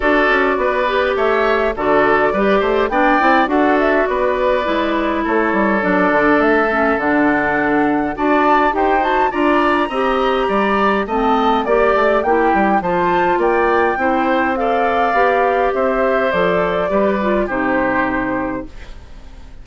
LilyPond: <<
  \new Staff \with { instrumentName = "flute" } { \time 4/4 \tempo 4 = 103 d''2 e''4 d''4~ | d''4 g''4 fis''8 e''8 d''4~ | d''4 cis''4 d''4 e''4 | fis''2 a''4 g''8 a''8 |
ais''2. a''4 | d''4 g''4 a''4 g''4~ | g''4 f''2 e''4 | d''2 c''2 | }
  \new Staff \with { instrumentName = "oboe" } { \time 4/4 a'4 b'4 cis''4 a'4 | b'8 c''8 d''4 a'4 b'4~ | b'4 a'2.~ | a'2 d''4 c''4 |
d''4 dis''4 d''4 dis''4 | d''4 g'4 c''4 d''4 | c''4 d''2 c''4~ | c''4 b'4 g'2 | }
  \new Staff \with { instrumentName = "clarinet" } { \time 4/4 fis'4. g'4. fis'4 | g'4 d'8 e'8 fis'2 | e'2 d'4. cis'8 | d'2 fis'4 g'8 fis'8 |
f'4 g'2 c'4 | g'4 e'4 f'2 | e'4 a'4 g'2 | a'4 g'8 f'8 dis'2 | }
  \new Staff \with { instrumentName = "bassoon" } { \time 4/4 d'8 cis'8 b4 a4 d4 | g8 a8 b8 c'8 d'4 b4 | gis4 a8 g8 fis8 d8 a4 | d2 d'4 dis'4 |
d'4 c'4 g4 a4 | ais8 a8 ais8 g8 f4 ais4 | c'2 b4 c'4 | f4 g4 c2 | }
>>